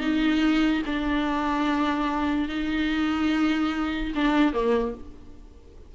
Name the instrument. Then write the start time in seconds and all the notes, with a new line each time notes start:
viola
0.00 D#4
0.86 D4
2.49 D#4
4.15 D4
4.53 A#3